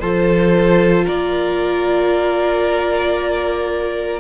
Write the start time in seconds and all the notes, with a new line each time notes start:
0.00 F3 F4 A4 C5
1.05 A#3 A#4 D5